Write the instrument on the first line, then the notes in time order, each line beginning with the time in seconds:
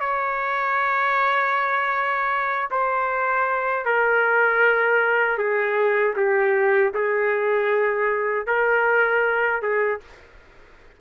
trumpet
0.00 C#5
2.71 C5
3.85 A#4
5.38 G#4
6.16 G4
6.94 G#4
8.47 A#4
9.62 G#4